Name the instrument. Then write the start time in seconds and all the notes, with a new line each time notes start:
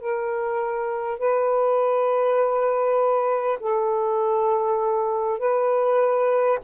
saxophone
0.00 A#4
1.19 B4
3.59 A4
5.38 B4